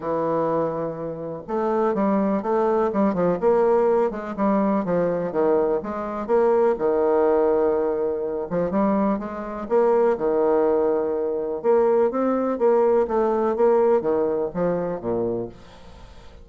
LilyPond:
\new Staff \with { instrumentName = "bassoon" } { \time 4/4 \tempo 4 = 124 e2. a4 | g4 a4 g8 f8 ais4~ | ais8 gis8 g4 f4 dis4 | gis4 ais4 dis2~ |
dis4. f8 g4 gis4 | ais4 dis2. | ais4 c'4 ais4 a4 | ais4 dis4 f4 ais,4 | }